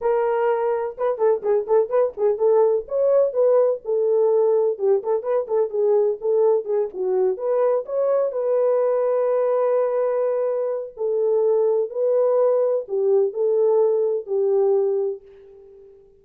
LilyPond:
\new Staff \with { instrumentName = "horn" } { \time 4/4 \tempo 4 = 126 ais'2 b'8 a'8 gis'8 a'8 | b'8 gis'8 a'4 cis''4 b'4 | a'2 g'8 a'8 b'8 a'8 | gis'4 a'4 gis'8 fis'4 b'8~ |
b'8 cis''4 b'2~ b'8~ | b'2. a'4~ | a'4 b'2 g'4 | a'2 g'2 | }